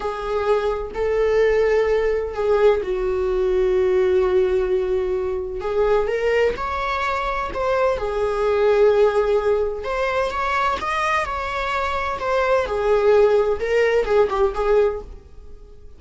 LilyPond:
\new Staff \with { instrumentName = "viola" } { \time 4/4 \tempo 4 = 128 gis'2 a'2~ | a'4 gis'4 fis'2~ | fis'1 | gis'4 ais'4 cis''2 |
c''4 gis'2.~ | gis'4 c''4 cis''4 dis''4 | cis''2 c''4 gis'4~ | gis'4 ais'4 gis'8 g'8 gis'4 | }